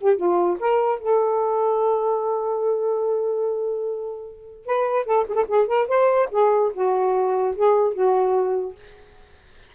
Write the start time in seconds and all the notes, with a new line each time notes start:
0.00 G4
0.16 F4
0.59 A#4
0.99 A4
4.65 B4
5.05 A4
5.28 G#4 A4
5.47 G#4
5.67 A#4
5.88 C5
6.31 G#4
6.73 F#4
7.55 G#4
7.93 F#4